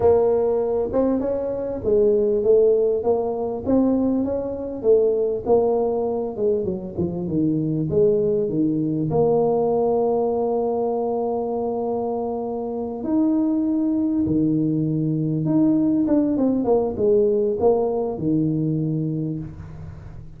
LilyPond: \new Staff \with { instrumentName = "tuba" } { \time 4/4 \tempo 4 = 99 ais4. c'8 cis'4 gis4 | a4 ais4 c'4 cis'4 | a4 ais4. gis8 fis8 f8 | dis4 gis4 dis4 ais4~ |
ais1~ | ais4. dis'2 dis8~ | dis4. dis'4 d'8 c'8 ais8 | gis4 ais4 dis2 | }